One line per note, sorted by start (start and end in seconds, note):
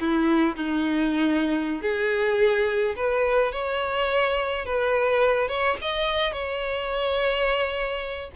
0.00 0.57 E4
0.57 1.82 D#4
1.82 2.95 G#4
2.96 3.52 B4
3.52 4.65 C#5
4.65 5.48 B4
5.48 5.77 C#5
5.81 6.33 D#5
6.33 8.31 C#5